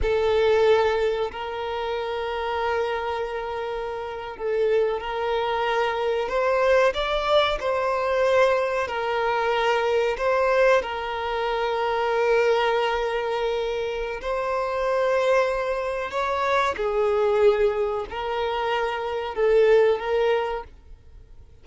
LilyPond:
\new Staff \with { instrumentName = "violin" } { \time 4/4 \tempo 4 = 93 a'2 ais'2~ | ais'2~ ais'8. a'4 ais'16~ | ais'4.~ ais'16 c''4 d''4 c''16~ | c''4.~ c''16 ais'2 c''16~ |
c''8. ais'2.~ ais'16~ | ais'2 c''2~ | c''4 cis''4 gis'2 | ais'2 a'4 ais'4 | }